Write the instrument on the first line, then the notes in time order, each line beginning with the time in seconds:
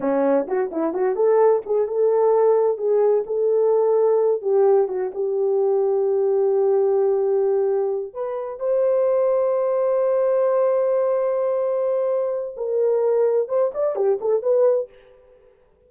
horn
0.00 C#4
0.47 F#4
0.71 E4
0.93 F#4
1.15 A4
1.65 G#4
1.87 A4
2.77 G#4
3.26 A4
4.41 G4
4.88 F#4
5.14 G4
8.13 B4
8.59 C5
12.56 A#4
13.48 C5
13.73 D5
13.95 G4
14.21 A4
14.42 B4